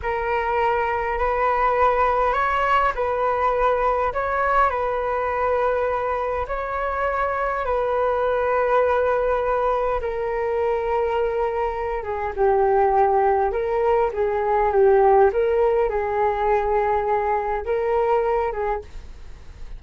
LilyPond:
\new Staff \with { instrumentName = "flute" } { \time 4/4 \tempo 4 = 102 ais'2 b'2 | cis''4 b'2 cis''4 | b'2. cis''4~ | cis''4 b'2.~ |
b'4 ais'2.~ | ais'8 gis'8 g'2 ais'4 | gis'4 g'4 ais'4 gis'4~ | gis'2 ais'4. gis'8 | }